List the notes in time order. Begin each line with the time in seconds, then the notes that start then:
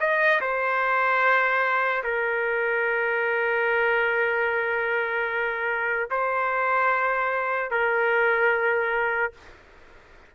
0.00 D#5
0.41 C5
2.03 A#4
6.10 C5
7.71 A#4